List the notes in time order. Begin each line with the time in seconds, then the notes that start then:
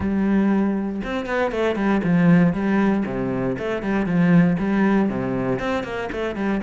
0.00 G3
1.04 C4
1.26 B3
1.51 A3
1.75 G3
2.03 F3
2.53 G3
3.06 C3
3.58 A3
3.82 G3
4.06 F3
4.58 G3
5.09 C3
5.59 C4
5.83 A#3
6.12 A3
6.35 G3